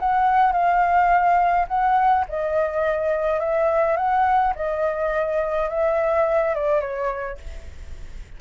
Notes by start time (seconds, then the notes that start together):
0.00 F#5
0.53 F5
1.68 F#5
2.29 D#5
3.40 E5
3.97 F#5
4.56 D#5
5.70 E5
6.55 D5
6.81 C#5